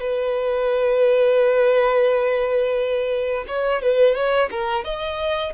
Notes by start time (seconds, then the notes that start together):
0.00 B4
3.48 C#5
3.82 B4
4.14 C#5
4.50 A#4
4.84 D#5